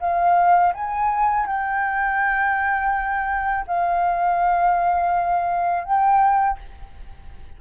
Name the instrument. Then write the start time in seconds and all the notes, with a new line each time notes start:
flute
0.00 F5
0.74 G#5
1.46 G5
3.67 F5
5.84 G5